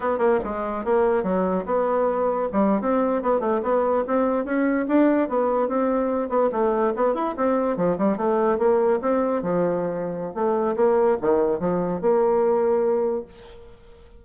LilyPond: \new Staff \with { instrumentName = "bassoon" } { \time 4/4 \tempo 4 = 145 b8 ais8 gis4 ais4 fis4 | b2 g8. c'4 b16~ | b16 a8 b4 c'4 cis'4 d'16~ | d'8. b4 c'4. b8 a16~ |
a8. b8 e'8 c'4 f8 g8 a16~ | a8. ais4 c'4 f4~ f16~ | f4 a4 ais4 dis4 | f4 ais2. | }